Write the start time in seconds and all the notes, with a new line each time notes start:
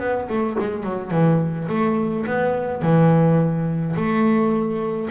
0.00 B3
0.29 A3
0.60 G#3
0.84 F#3
1.11 E3
1.69 A3
2.27 B3
2.82 E3
3.96 A3